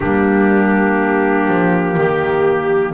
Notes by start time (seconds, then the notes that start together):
0.00 G3 A#3 D4 G4
1.48 F3
1.96 D#3 G4